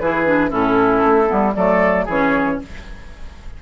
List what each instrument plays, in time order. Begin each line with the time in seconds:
0.00 bassoon E3, clarinet E4, oboe G#4, flute B4
0.26 clarinet D4
0.50 bassoon A2, clarinet C#4, oboe E4, flute A4
1.04 bassoon A3
1.26 bassoon G3, clarinet B3
1.55 bassoon F#3, clarinet A3, oboe A4, flute D5
2.05 bassoon E3, clarinet C#4, oboe G#4, flute C#5